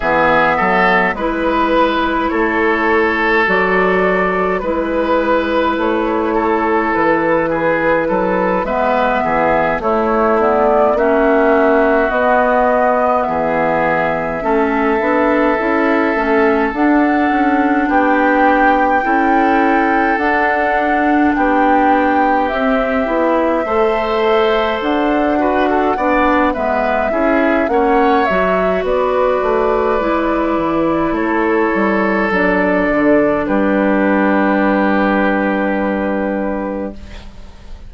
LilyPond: <<
  \new Staff \with { instrumentName = "flute" } { \time 4/4 \tempo 4 = 52 e''4 b'4 cis''4 d''4 | b'4 cis''4 b'4. e''8~ | e''8 cis''8 d''8 e''4 dis''4 e''8~ | e''2~ e''8 fis''4 g''8~ |
g''4. fis''4 g''4 e''8~ | e''4. fis''4. e''4 | fis''8 e''8 d''2 cis''4 | d''4 b'2. | }
  \new Staff \with { instrumentName = "oboe" } { \time 4/4 gis'8 a'8 b'4 a'2 | b'4. a'4 gis'8 a'8 b'8 | gis'8 e'4 fis'2 gis'8~ | gis'8 a'2. g'8~ |
g'8 a'2 g'4.~ | g'8 c''4. b'16 a'16 d''8 b'8 gis'8 | cis''4 b'2 a'4~ | a'4 g'2. | }
  \new Staff \with { instrumentName = "clarinet" } { \time 4/4 b4 e'2 fis'4 | e'2.~ e'8 b8~ | b8 a8 b8 cis'4 b4.~ | b8 cis'8 d'8 e'8 cis'8 d'4.~ |
d'8 e'4 d'2 c'8 | e'8 a'4. fis'8 d'8 b8 e'8 | cis'8 fis'4. e'2 | d'1 | }
  \new Staff \with { instrumentName = "bassoon" } { \time 4/4 e8 fis8 gis4 a4 fis4 | gis4 a4 e4 fis8 gis8 | e8 a4 ais4 b4 e8~ | e8 a8 b8 cis'8 a8 d'8 cis'8 b8~ |
b8 cis'4 d'4 b4 c'8 | b8 a4 d'4 b8 gis8 cis'8 | ais8 fis8 b8 a8 gis8 e8 a8 g8 | fis8 d8 g2. | }
>>